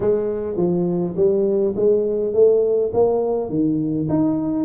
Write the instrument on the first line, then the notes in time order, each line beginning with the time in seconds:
tuba
0.00 G#3
0.56 F3
1.16 G3
1.76 G#3
2.33 A3
2.93 A#3
3.49 D#3
4.09 D#4